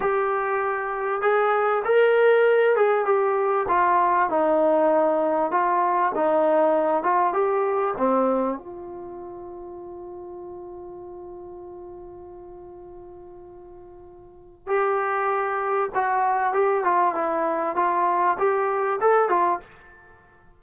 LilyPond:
\new Staff \with { instrumentName = "trombone" } { \time 4/4 \tempo 4 = 98 g'2 gis'4 ais'4~ | ais'8 gis'8 g'4 f'4 dis'4~ | dis'4 f'4 dis'4. f'8 | g'4 c'4 f'2~ |
f'1~ | f'1 | g'2 fis'4 g'8 f'8 | e'4 f'4 g'4 a'8 f'8 | }